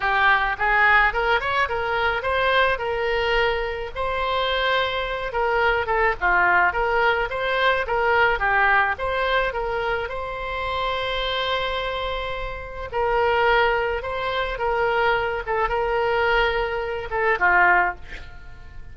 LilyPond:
\new Staff \with { instrumentName = "oboe" } { \time 4/4 \tempo 4 = 107 g'4 gis'4 ais'8 cis''8 ais'4 | c''4 ais'2 c''4~ | c''4. ais'4 a'8 f'4 | ais'4 c''4 ais'4 g'4 |
c''4 ais'4 c''2~ | c''2. ais'4~ | ais'4 c''4 ais'4. a'8 | ais'2~ ais'8 a'8 f'4 | }